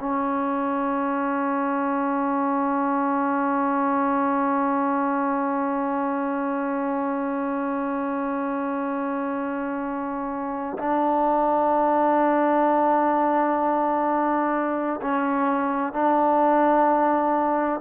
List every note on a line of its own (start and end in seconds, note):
0.00 10.78 C#4
10.79 15.01 D4
15.02 15.93 C#4
15.93 17.81 D4